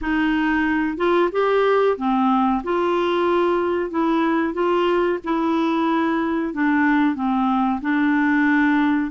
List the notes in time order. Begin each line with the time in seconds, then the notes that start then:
0.01 D#4
0.97 F4
1.32 G4
1.97 C4
2.63 F4
3.90 E4
4.53 F4
5.24 E4
6.53 D4
7.15 C4
7.81 D4